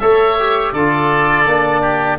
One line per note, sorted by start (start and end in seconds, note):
0.00 0.73 A3
0.00 0.38 A4
0.00 0.74 C#5
0.00 0.73 E5
0.39 0.76 G4
0.73 1.46 D3
0.73 1.47 F4
0.73 1.81 A4
0.73 2.19 D5
1.46 2.19 A#3
1.46 2.19 D4
1.81 2.18 G4